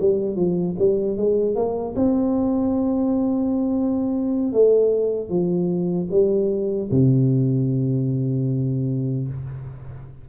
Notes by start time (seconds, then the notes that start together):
0.00 G3
0.36 F3
0.79 G3
1.17 G#3
1.55 A#3
1.96 C4
4.53 A3
5.29 F3
6.10 G3
6.91 C3